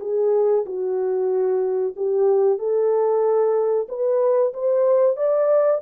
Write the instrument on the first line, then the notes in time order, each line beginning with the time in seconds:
horn
0.00 G#4
0.65 F#4
1.96 G4
2.58 A4
3.88 B4
4.53 C5
5.16 D5